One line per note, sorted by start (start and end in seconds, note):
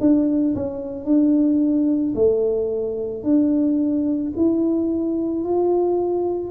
0.00 0.55 D4
0.55 1.05 C#4
1.05 2.14 D4
2.15 3.23 A3
3.23 4.32 D4
4.36 5.44 E4
5.44 6.50 F4